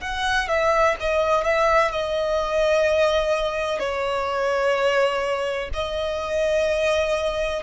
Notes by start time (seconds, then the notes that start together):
0.00 F#5
0.48 E5
1.00 D#5
1.44 E5
1.91 D#5
3.79 C#5
5.73 D#5